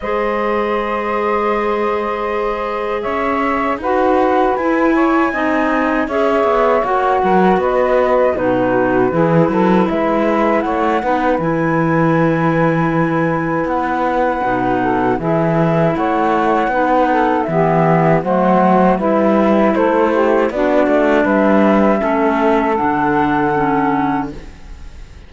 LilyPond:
<<
  \new Staff \with { instrumentName = "flute" } { \time 4/4 \tempo 4 = 79 dis''1 | e''4 fis''4 gis''2 | e''4 fis''4 dis''4 b'4~ | b'4 e''4 fis''4 gis''4~ |
gis''2 fis''2 | e''4 fis''2 e''4 | fis''4 e''4 c''4 d''4 | e''2 fis''2 | }
  \new Staff \with { instrumentName = "saxophone" } { \time 4/4 c''1 | cis''4 b'4. cis''8 dis''4 | cis''4. ais'8 b'4 fis'4 | gis'8 a'8 b'4 cis''8 b'4.~ |
b'2.~ b'8 a'8 | gis'4 cis''4 b'8 a'8 g'4 | c''4 b'4 a'8 g'8 fis'4 | b'4 a'2. | }
  \new Staff \with { instrumentName = "clarinet" } { \time 4/4 gis'1~ | gis'4 fis'4 e'4 dis'4 | gis'4 fis'2 dis'4 | e'2~ e'8 dis'8 e'4~ |
e'2. dis'4 | e'2 dis'4 b4 | a4 e'2 d'4~ | d'4 cis'4 d'4 cis'4 | }
  \new Staff \with { instrumentName = "cello" } { \time 4/4 gis1 | cis'4 dis'4 e'4 c'4 | cis'8 b8 ais8 fis8 b4 b,4 | e8 fis8 gis4 a8 b8 e4~ |
e2 b4 b,4 | e4 a4 b4 e4 | fis4 g4 a4 b8 a8 | g4 a4 d2 | }
>>